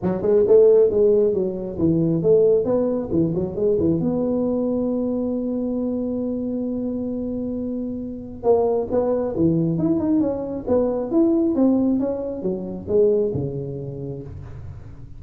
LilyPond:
\new Staff \with { instrumentName = "tuba" } { \time 4/4 \tempo 4 = 135 fis8 gis8 a4 gis4 fis4 | e4 a4 b4 e8 fis8 | gis8 e8 b2.~ | b1~ |
b2. ais4 | b4 e4 e'8 dis'8 cis'4 | b4 e'4 c'4 cis'4 | fis4 gis4 cis2 | }